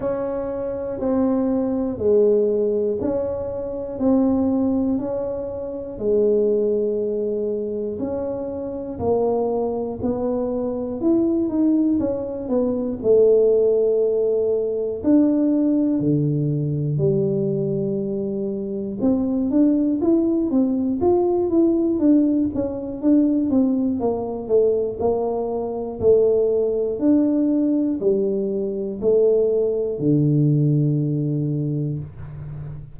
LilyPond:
\new Staff \with { instrumentName = "tuba" } { \time 4/4 \tempo 4 = 60 cis'4 c'4 gis4 cis'4 | c'4 cis'4 gis2 | cis'4 ais4 b4 e'8 dis'8 | cis'8 b8 a2 d'4 |
d4 g2 c'8 d'8 | e'8 c'8 f'8 e'8 d'8 cis'8 d'8 c'8 | ais8 a8 ais4 a4 d'4 | g4 a4 d2 | }